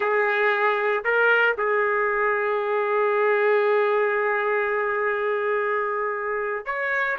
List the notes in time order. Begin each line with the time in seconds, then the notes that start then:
0.00 G#4
1.04 A#4
1.57 G#4
6.65 C#5